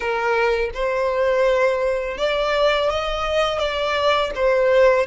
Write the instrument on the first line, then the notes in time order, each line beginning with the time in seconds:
violin
0.00 A#4
0.74 C5
2.17 D5
2.89 D#5
3.58 D5
4.35 C5